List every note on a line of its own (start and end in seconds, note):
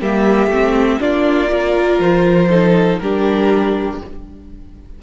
0.00 0.47 G3
0.00 0.51 A#3
0.00 1.00 G4
0.00 1.01 E5
0.47 0.97 A3
0.47 1.00 C4
1.00 1.99 A#3
1.00 1.48 D4
1.00 1.51 F4
1.00 2.00 D5
1.48 2.48 F4
1.48 2.49 A#4
1.99 2.99 F3
1.99 2.99 C5
2.49 3.00 D#4
2.49 2.99 A4
2.99 4.01 G3
2.99 4.02 D4
2.99 4.02 G4
2.99 3.99 A#4